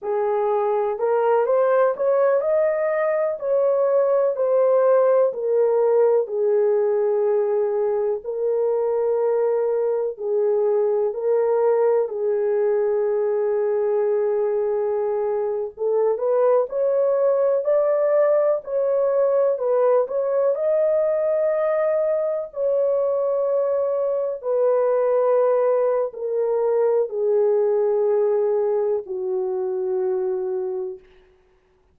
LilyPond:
\new Staff \with { instrumentName = "horn" } { \time 4/4 \tempo 4 = 62 gis'4 ais'8 c''8 cis''8 dis''4 cis''8~ | cis''8 c''4 ais'4 gis'4.~ | gis'8 ais'2 gis'4 ais'8~ | ais'8 gis'2.~ gis'8~ |
gis'16 a'8 b'8 cis''4 d''4 cis''8.~ | cis''16 b'8 cis''8 dis''2 cis''8.~ | cis''4~ cis''16 b'4.~ b'16 ais'4 | gis'2 fis'2 | }